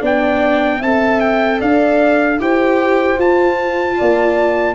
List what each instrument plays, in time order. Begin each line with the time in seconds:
0.00 tuba B3, viola D4, horn D5, trumpet G5
0.80 tuba C4, viola A4, horn E5, trumpet A5
1.21 trumpet G5
1.60 tuba D4, horn D5, trumpet F5
2.40 tuba E4, viola G4, horn C5, trumpet G5
3.17 viola F4, tuba F4, trumpet A5
3.98 tuba A#3, horn D5